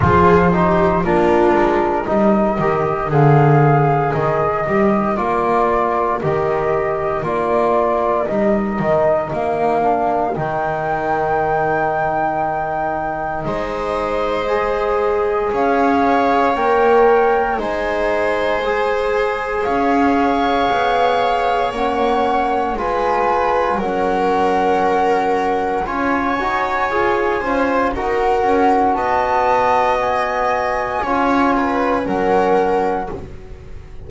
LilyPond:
<<
  \new Staff \with { instrumentName = "flute" } { \time 4/4 \tempo 4 = 58 c''4 ais'4 dis''4 f''4 | dis''4 d''4 dis''4 d''4 | dis''4 f''4 g''2~ | g''4 dis''2 f''4 |
g''4 gis''2 f''4~ | f''4 fis''4 gis''4 fis''4~ | fis''4 gis''2 fis''4 | a''4 gis''2 fis''4 | }
  \new Staff \with { instrumentName = "viola" } { \time 4/4 gis'8 g'8 f'4 ais'2~ | ais'1~ | ais'1~ | ais'4 c''2 cis''4~ |
cis''4 c''2 cis''4~ | cis''2 b'4 ais'4~ | ais'4 cis''4. c''8 ais'4 | dis''2 cis''8 b'8 ais'4 | }
  \new Staff \with { instrumentName = "trombone" } { \time 4/4 f'8 dis'8 d'4 dis'8 g'8 gis'4~ | gis'8 g'8 f'4 g'4 f'4 | dis'4. d'8 dis'2~ | dis'2 gis'2 |
ais'4 dis'4 gis'2~ | gis'4 cis'4 f'4 cis'4~ | cis'4 f'8 fis'8 gis'8 f'8 fis'4~ | fis'2 f'4 cis'4 | }
  \new Staff \with { instrumentName = "double bass" } { \time 4/4 f4 ais8 gis8 g8 dis8 d4 | dis8 g8 ais4 dis4 ais4 | g8 dis8 ais4 dis2~ | dis4 gis2 cis'4 |
ais4 gis2 cis'4 | b4 ais4 gis4 fis4~ | fis4 cis'8 dis'8 f'8 cis'8 dis'8 cis'8 | b2 cis'4 fis4 | }
>>